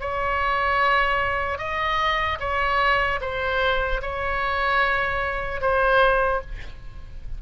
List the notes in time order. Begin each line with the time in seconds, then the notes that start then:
0.00 C#5
1.58 D#5
2.39 C#5
3.21 C5
4.01 C#5
5.61 C5